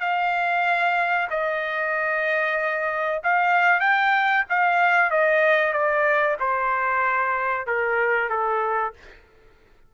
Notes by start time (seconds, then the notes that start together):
0.00 F5
1.30 D#5
3.24 F5
3.80 G5
4.49 F5
5.11 D#5
5.73 D5
6.40 C5
7.67 A#4
8.29 A4